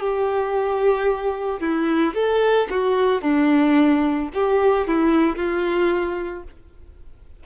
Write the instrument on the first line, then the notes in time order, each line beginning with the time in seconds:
violin
0.00 G4
1.60 E4
2.14 A4
2.71 F#4
3.22 D4
4.34 G4
4.87 E4
5.37 F4